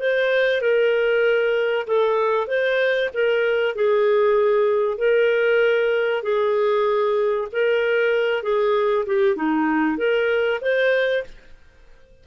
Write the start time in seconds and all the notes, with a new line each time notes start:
0.00 C5
0.62 A#4
1.87 A4
2.47 C5
3.14 A#4
3.76 G#4
4.98 A#4
6.23 G#4
7.52 A#4
8.43 G#4
9.06 G4
9.36 D#4
9.98 A#4
10.61 C5